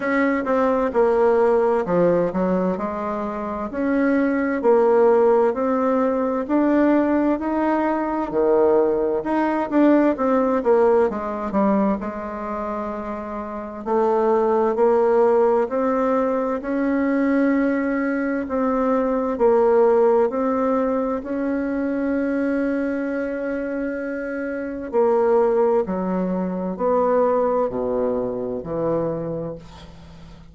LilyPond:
\new Staff \with { instrumentName = "bassoon" } { \time 4/4 \tempo 4 = 65 cis'8 c'8 ais4 f8 fis8 gis4 | cis'4 ais4 c'4 d'4 | dis'4 dis4 dis'8 d'8 c'8 ais8 | gis8 g8 gis2 a4 |
ais4 c'4 cis'2 | c'4 ais4 c'4 cis'4~ | cis'2. ais4 | fis4 b4 b,4 e4 | }